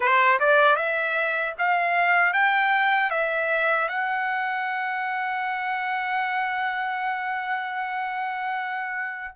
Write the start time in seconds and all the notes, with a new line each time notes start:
0.00 C5
0.39 D5
0.75 E5
1.58 F5
2.33 G5
3.10 E5
3.88 F#5